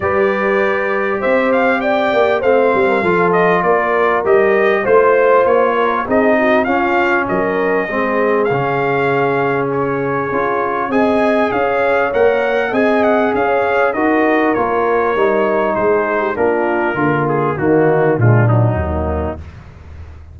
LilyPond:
<<
  \new Staff \with { instrumentName = "trumpet" } { \time 4/4 \tempo 4 = 99 d''2 e''8 f''8 g''4 | f''4. dis''8 d''4 dis''4 | c''4 cis''4 dis''4 f''4 | dis''2 f''2 |
cis''2 gis''4 f''4 | fis''4 gis''8 fis''8 f''4 dis''4 | cis''2 c''4 ais'4~ | ais'8 gis'8 fis'4 f'8 dis'4. | }
  \new Staff \with { instrumentName = "horn" } { \time 4/4 b'2 c''4 d''4 | c''8. ais'16 a'4 ais'2 | c''4. ais'8 gis'8 fis'8 f'4 | ais'4 gis'2.~ |
gis'2 dis''4 cis''4~ | cis''4 dis''4 cis''4 ais'4~ | ais'2 gis'8. g'16 f'4 | ais4 dis'4 d'4 ais4 | }
  \new Staff \with { instrumentName = "trombone" } { \time 4/4 g'1 | c'4 f'2 g'4 | f'2 dis'4 cis'4~ | cis'4 c'4 cis'2~ |
cis'4 f'4 gis'2 | ais'4 gis'2 fis'4 | f'4 dis'2 d'4 | f'4 ais4 gis8 fis4. | }
  \new Staff \with { instrumentName = "tuba" } { \time 4/4 g2 c'4. ais8 | a8 g8 f4 ais4 g4 | a4 ais4 c'4 cis'4 | fis4 gis4 cis2~ |
cis4 cis'4 c'4 cis'4 | ais4 c'4 cis'4 dis'4 | ais4 g4 gis4 ais4 | d4 dis4 ais,4 dis,4 | }
>>